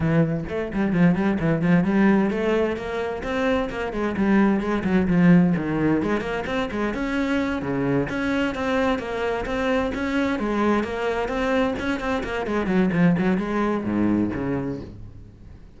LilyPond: \new Staff \with { instrumentName = "cello" } { \time 4/4 \tempo 4 = 130 e4 a8 g8 f8 g8 e8 f8 | g4 a4 ais4 c'4 | ais8 gis8 g4 gis8 fis8 f4 | dis4 gis8 ais8 c'8 gis8 cis'4~ |
cis'8 cis4 cis'4 c'4 ais8~ | ais8 c'4 cis'4 gis4 ais8~ | ais8 c'4 cis'8 c'8 ais8 gis8 fis8 | f8 fis8 gis4 gis,4 cis4 | }